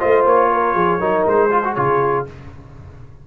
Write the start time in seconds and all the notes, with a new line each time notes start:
0.00 A3 F4 C5 D#5
0.26 A#3 C#5
0.52 A#4
0.75 F3 G#4
1.00 F#3 D#4 A#4
1.27 G#3 C5
1.51 F4 G#4
1.64 F#4
1.75 C#3 F4 C#5